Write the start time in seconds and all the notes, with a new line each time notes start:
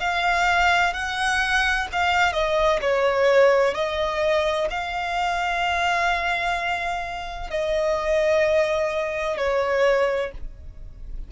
0.00 F5
0.93 F#5
1.92 F5
2.32 D#5
2.81 C#5
3.74 D#5
4.70 F5
7.50 D#5
9.37 C#5